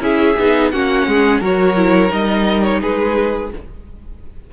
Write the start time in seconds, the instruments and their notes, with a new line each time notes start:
0.00 cello C#4, viola E4, violin G#4 E5
0.39 cello B3, viola D#4
0.70 cello A#3, viola C#4, violin F#4 F#5
1.07 cello G#3, violin G#4
1.40 cello F#3, viola F#4, violin A#4 C#5
1.77 viola E4
2.09 cello G3, viola D#4, violin D#5
2.63 violin C#5
2.81 cello G#3, violin G#4 B4